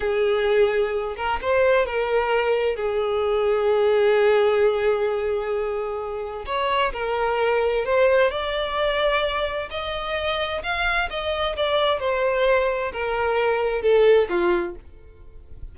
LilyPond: \new Staff \with { instrumentName = "violin" } { \time 4/4 \tempo 4 = 130 gis'2~ gis'8 ais'8 c''4 | ais'2 gis'2~ | gis'1~ | gis'2 cis''4 ais'4~ |
ais'4 c''4 d''2~ | d''4 dis''2 f''4 | dis''4 d''4 c''2 | ais'2 a'4 f'4 | }